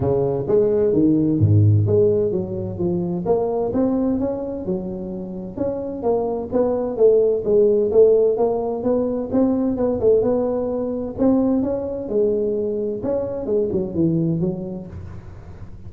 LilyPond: \new Staff \with { instrumentName = "tuba" } { \time 4/4 \tempo 4 = 129 cis4 gis4 dis4 gis,4 | gis4 fis4 f4 ais4 | c'4 cis'4 fis2 | cis'4 ais4 b4 a4 |
gis4 a4 ais4 b4 | c'4 b8 a8 b2 | c'4 cis'4 gis2 | cis'4 gis8 fis8 e4 fis4 | }